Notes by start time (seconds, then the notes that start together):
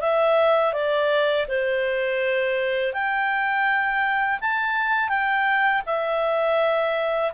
0.00 E5
0.73 D5
1.48 C5
2.93 G5
4.41 A5
5.09 G5
5.86 E5